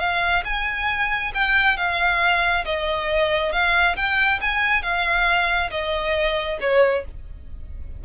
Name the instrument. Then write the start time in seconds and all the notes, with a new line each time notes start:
violin
0.00 F5
0.45 G#5
1.35 G5
1.78 F5
2.65 D#5
3.53 F5
3.97 G5
4.41 G#5
4.83 F5
5.71 D#5
6.61 C#5